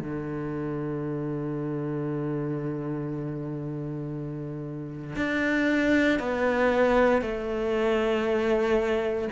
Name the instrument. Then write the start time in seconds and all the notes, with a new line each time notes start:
cello
0.00 D3
5.16 D4
6.20 B3
7.22 A3